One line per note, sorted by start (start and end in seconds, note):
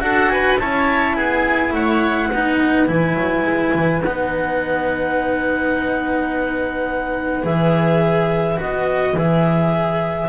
0.00 0.58 D4
0.00 0.57 F#4
0.00 0.33 A4
0.00 0.29 F#5
0.29 0.61 B4
0.29 0.58 G#5
0.59 1.17 C#4
0.59 2.31 E4
0.59 1.17 C#5
0.59 1.15 A5
1.15 1.73 B3
1.15 1.74 G#4
1.15 1.72 G#5
1.73 2.30 A3
1.73 2.29 C#5
1.73 2.88 F#5
2.29 2.88 B3
2.29 2.87 D#4
2.29 10.29 B4
2.87 3.15 E3
2.87 4.02 E4
2.87 4.03 G#5
3.15 3.43 F#3
3.44 3.73 G#3
3.74 4.03 E3
4.04 7.44 B3
4.04 7.43 D#4
4.04 7.46 F#5
7.43 8.59 E3
7.43 8.57 G#4
7.43 8.60 E5
8.57 9.14 B3
8.57 9.14 F#4
8.57 9.18 D#5
9.14 10.28 E3
9.14 10.29 G#4
9.14 10.29 E5